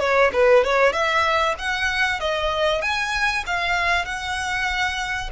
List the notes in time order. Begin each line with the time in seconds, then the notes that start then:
0.00 C#5
0.33 B4
0.64 C#5
0.93 E5
1.59 F#5
2.20 D#5
2.82 G#5
3.47 F5
4.05 F#5